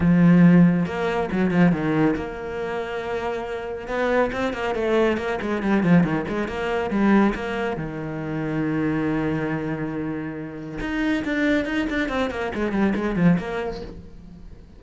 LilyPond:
\new Staff \with { instrumentName = "cello" } { \time 4/4 \tempo 4 = 139 f2 ais4 fis8 f8 | dis4 ais2.~ | ais4 b4 c'8 ais8 a4 | ais8 gis8 g8 f8 dis8 gis8 ais4 |
g4 ais4 dis2~ | dis1~ | dis4 dis'4 d'4 dis'8 d'8 | c'8 ais8 gis8 g8 gis8 f8 ais4 | }